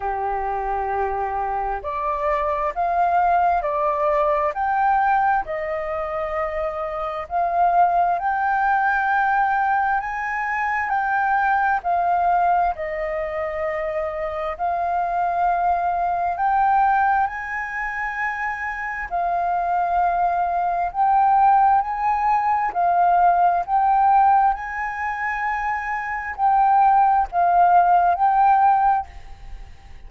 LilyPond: \new Staff \with { instrumentName = "flute" } { \time 4/4 \tempo 4 = 66 g'2 d''4 f''4 | d''4 g''4 dis''2 | f''4 g''2 gis''4 | g''4 f''4 dis''2 |
f''2 g''4 gis''4~ | gis''4 f''2 g''4 | gis''4 f''4 g''4 gis''4~ | gis''4 g''4 f''4 g''4 | }